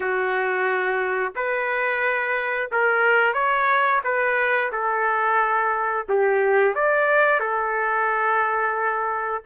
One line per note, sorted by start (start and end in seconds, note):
0.00 1.33 F#4
1.35 2.70 B4
2.72 3.33 A#4
3.33 4.01 C#5
4.04 4.71 B4
4.72 6.06 A4
6.08 6.74 G4
6.74 7.40 D5
7.40 9.42 A4